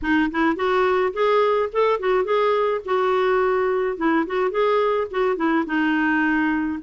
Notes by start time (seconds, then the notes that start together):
0.02 D#4
0.31 E4
0.56 F#4
1.13 G#4
1.72 A4
1.99 F#4
2.24 G#4
2.85 F#4
3.97 E4
4.26 F#4
4.51 G#4
5.10 F#4
5.36 E4
5.66 D#4